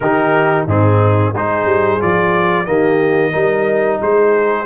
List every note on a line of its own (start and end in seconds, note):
0.00 0.66 D#3
0.00 0.67 D#4
0.00 0.65 G4
0.00 0.66 A#4
0.65 1.33 G#2
0.65 1.34 C4
0.65 1.32 D#4
0.65 1.35 G#4
1.33 1.65 G#3
1.33 2.00 D#4
1.33 2.66 G#4
1.33 2.01 C5
1.65 1.98 G3
2.00 2.67 F3
2.00 2.66 F4
2.00 2.65 D5
2.65 3.33 D#3
2.65 3.32 A#3
2.65 3.31 G4
2.65 3.99 D#5
3.31 4.01 G3
3.31 4.65 D#4
3.31 3.98 A#4
4.01 4.65 G#3
4.01 4.65 G#4
4.01 4.65 C5